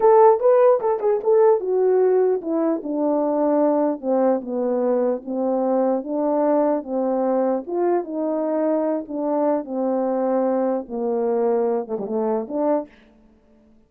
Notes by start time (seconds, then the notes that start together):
0.00 A4
0.40 B4
0.80 A4
1.00 G#4
1.23 A4
1.60 F#4
2.41 E4
2.83 D4
4.00 C4
4.41 B3
5.25 C4
6.03 D4
6.83 C4
7.67 F4
8.04 D#4
9.07 D4
9.64 C4
10.88 A#3
11.87 A3
11.98 G3
12.06 A3
12.47 D4